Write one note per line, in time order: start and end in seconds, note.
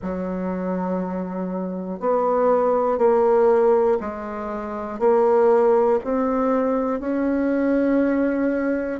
0.02 2.00 F#3
2.00 2.98 B3
2.98 3.98 A#3
4.00 4.99 G#3
4.99 5.99 A#3
6.04 7.00 C4
7.00 9.00 C#4